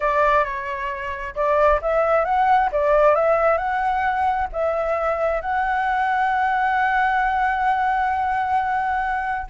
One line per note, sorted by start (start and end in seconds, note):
0.00 0.44 D5
0.44 1.34 C#5
1.35 1.80 D5
1.81 2.24 E5
2.24 2.69 F#5
2.72 3.15 D5
3.15 3.57 E5
3.57 4.47 F#5
4.52 5.41 E5
5.41 9.47 F#5